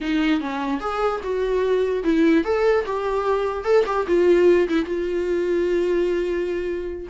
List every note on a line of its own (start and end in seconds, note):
0.01 0.40 D#4
0.40 0.80 C#4
0.80 1.21 G#4
1.23 2.03 F#4
2.03 2.44 E4
2.44 2.84 A4
2.85 3.64 G4
3.64 3.84 A4
3.86 4.06 G4
4.07 4.68 F4
4.68 4.85 E4
4.85 7.08 F4